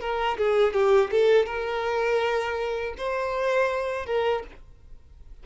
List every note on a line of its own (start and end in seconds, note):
0.00 0.37 A#4
0.37 0.73 G#4
0.73 1.10 G4
1.11 1.46 A4
1.46 2.94 A#4
2.97 4.06 C5
4.06 4.43 A#4